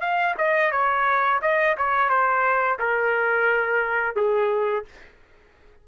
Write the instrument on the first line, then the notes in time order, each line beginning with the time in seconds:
trumpet
0.00 F5
0.38 D#5
0.71 C#5
1.41 D#5
1.77 C#5
2.09 C5
2.79 A#4
4.15 G#4